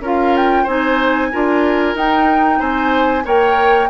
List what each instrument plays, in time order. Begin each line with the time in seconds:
0.00 bassoon C#4, clarinet F4, oboe A#4, flute F5
0.36 flute G5
0.63 bassoon C4, clarinet D#4, oboe C5, flute G#5
1.32 bassoon D4, clarinet F4, oboe A#4
1.94 bassoon D#4, clarinet D#4, flute G5
2.59 bassoon C4, oboe C5, flute G#5
3.24 bassoon A#3, clarinet A#4, oboe C#5, flute G5